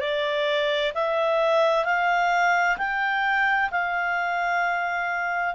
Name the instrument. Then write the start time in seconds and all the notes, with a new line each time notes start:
clarinet
0.00 D5
0.94 E5
1.85 F5
2.77 G5
3.70 F5